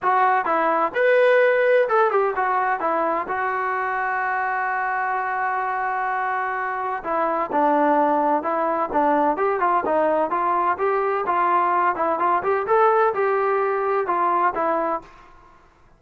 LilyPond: \new Staff \with { instrumentName = "trombone" } { \time 4/4 \tempo 4 = 128 fis'4 e'4 b'2 | a'8 g'8 fis'4 e'4 fis'4~ | fis'1~ | fis'2. e'4 |
d'2 e'4 d'4 | g'8 f'8 dis'4 f'4 g'4 | f'4. e'8 f'8 g'8 a'4 | g'2 f'4 e'4 | }